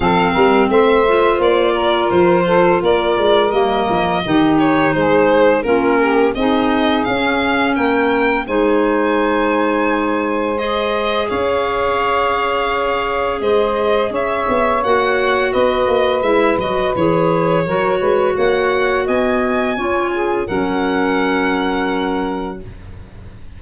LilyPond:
<<
  \new Staff \with { instrumentName = "violin" } { \time 4/4 \tempo 4 = 85 f''4 e''4 d''4 c''4 | d''4 dis''4. cis''8 c''4 | ais'4 dis''4 f''4 g''4 | gis''2. dis''4 |
f''2. dis''4 | e''4 fis''4 dis''4 e''8 dis''8 | cis''2 fis''4 gis''4~ | gis''4 fis''2. | }
  \new Staff \with { instrumentName = "saxophone" } { \time 4/4 a'8 ais'8 c''4. ais'4 a'8 | ais'2 g'4 gis'4 | f'8 g'8 gis'2 ais'4 | c''1 |
cis''2. c''4 | cis''2 b'2~ | b'4 ais'8 b'8 cis''4 dis''4 | cis''8 gis'8 ais'2. | }
  \new Staff \with { instrumentName = "clarinet" } { \time 4/4 c'4. f'2~ f'8~ | f'4 ais4 dis'2 | cis'4 dis'4 cis'2 | dis'2. gis'4~ |
gis'1~ | gis'4 fis'2 e'8 fis'8 | gis'4 fis'2. | f'4 cis'2. | }
  \new Staff \with { instrumentName = "tuba" } { \time 4/4 f8 g8 a4 ais4 f4 | ais8 gis8 g8 f8 dis4 gis4 | ais4 c'4 cis'4 ais4 | gis1 |
cis'2. gis4 | cis'8 b8 ais4 b8 ais8 gis8 fis8 | e4 fis8 gis8 ais4 b4 | cis'4 fis2. | }
>>